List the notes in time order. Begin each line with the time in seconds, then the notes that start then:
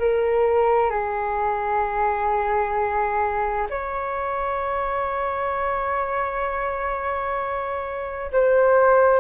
0.00 A#4
0.91 G#4
3.70 C#5
8.32 C5